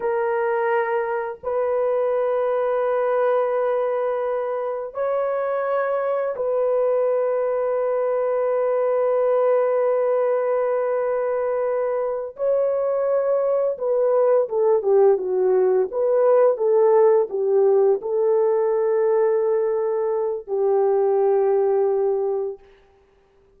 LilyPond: \new Staff \with { instrumentName = "horn" } { \time 4/4 \tempo 4 = 85 ais'2 b'2~ | b'2. cis''4~ | cis''4 b'2.~ | b'1~ |
b'4. cis''2 b'8~ | b'8 a'8 g'8 fis'4 b'4 a'8~ | a'8 g'4 a'2~ a'8~ | a'4 g'2. | }